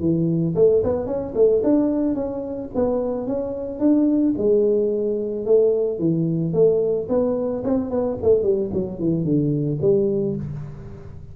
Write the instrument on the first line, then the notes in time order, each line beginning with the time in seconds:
tuba
0.00 E3
0.55 A3
0.84 B3
1.06 C#4
1.34 A3
1.63 D4
2.14 C#4
2.74 B3
3.27 C#4
3.79 D4
4.38 G#3
5.45 A3
5.99 E3
6.53 A3
7.08 B3
7.64 C4
7.90 B3
8.22 A3
8.42 G3
8.73 F#3
8.99 E3
9.24 D3
9.81 G3